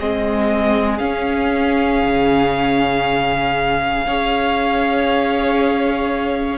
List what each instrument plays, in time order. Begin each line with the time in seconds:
0.00 cello G#3, viola C4, violin G#4 D#5
0.98 viola C#4, cello C#4, violin F5
2.04 cello C#3
4.06 cello C#4, viola G#4, violin C#5